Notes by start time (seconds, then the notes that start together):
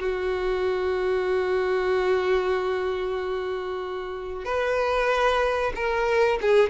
0.00 F#4
4.45 B4
5.76 A#4
6.42 G#4